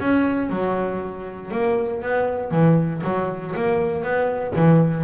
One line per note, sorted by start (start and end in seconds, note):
0.00 0.50 C#4
0.50 1.51 F#3
1.51 2.02 A#3
2.02 2.51 B3
2.51 3.02 E3
3.03 3.54 F#3
3.55 4.03 A#3
4.03 4.54 B3
4.55 5.04 E3